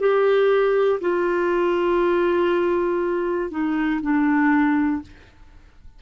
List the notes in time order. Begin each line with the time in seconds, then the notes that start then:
0.00 G4
1.01 F4
3.50 D#4
4.01 D4